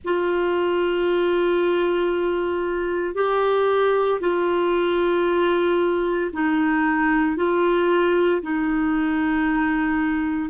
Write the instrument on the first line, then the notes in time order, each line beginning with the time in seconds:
clarinet
0.04 F4
3.14 G4
4.20 F4
6.32 D#4
7.36 F4
8.42 D#4